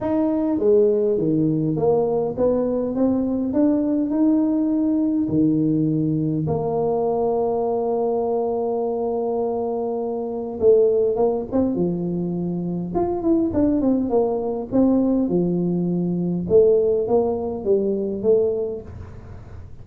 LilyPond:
\new Staff \with { instrumentName = "tuba" } { \time 4/4 \tempo 4 = 102 dis'4 gis4 dis4 ais4 | b4 c'4 d'4 dis'4~ | dis'4 dis2 ais4~ | ais1~ |
ais2 a4 ais8 c'8 | f2 f'8 e'8 d'8 c'8 | ais4 c'4 f2 | a4 ais4 g4 a4 | }